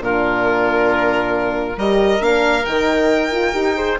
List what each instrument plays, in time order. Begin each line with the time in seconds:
0.00 bassoon A#2, horn D4, oboe F4, violin A#4
1.77 bassoon G3, horn G4, oboe A#4, violin D#5
2.20 bassoon A#3, horn D4, violin F5
2.65 bassoon D#3, horn D#4, violin G5
3.32 horn F4
3.53 bassoon D#4, horn G4
3.75 horn G#4, oboe C5